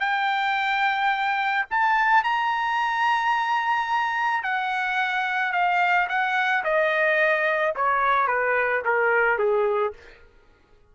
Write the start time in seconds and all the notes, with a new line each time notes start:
0.00 G5
1.70 A5
2.24 A#5
4.43 F#5
5.52 F5
6.09 F#5
6.64 D#5
7.75 C#5
8.27 B4
8.85 A#4
9.38 G#4